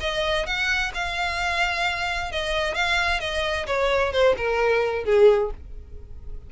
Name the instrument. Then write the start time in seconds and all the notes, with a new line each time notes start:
violin
0.00 D#5
0.46 F#5
0.94 F5
2.31 D#5
2.74 F5
3.20 D#5
3.66 C#5
4.12 C5
4.37 A#4
5.04 G#4